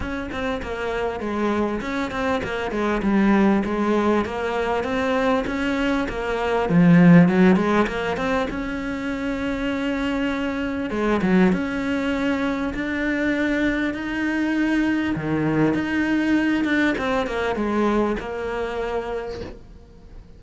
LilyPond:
\new Staff \with { instrumentName = "cello" } { \time 4/4 \tempo 4 = 99 cis'8 c'8 ais4 gis4 cis'8 c'8 | ais8 gis8 g4 gis4 ais4 | c'4 cis'4 ais4 f4 | fis8 gis8 ais8 c'8 cis'2~ |
cis'2 gis8 fis8 cis'4~ | cis'4 d'2 dis'4~ | dis'4 dis4 dis'4. d'8 | c'8 ais8 gis4 ais2 | }